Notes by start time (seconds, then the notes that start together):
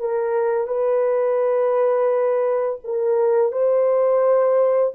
0.00 A#4
0.67 B4
2.84 A#4
3.52 C5